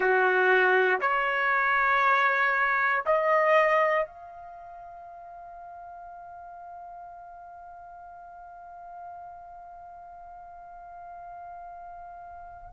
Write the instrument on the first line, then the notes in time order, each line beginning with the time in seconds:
trumpet
0.00 F#4
1.00 C#5
3.05 D#5
4.06 F5